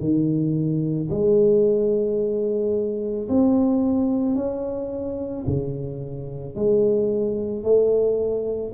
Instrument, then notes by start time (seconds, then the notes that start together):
tuba
0.00 D#3
1.10 G#3
3.28 C4
4.35 C#4
5.46 C#3
6.56 G#3
7.64 A3